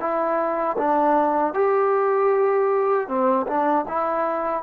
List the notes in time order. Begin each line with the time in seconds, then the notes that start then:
0.00 E4
0.78 D4
1.54 G4
3.08 C4
3.48 D4
3.88 E4